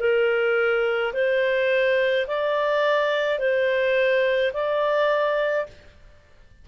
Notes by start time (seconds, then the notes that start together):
0.00 A#4
1.14 C5
2.27 D5
3.39 C5
4.53 D5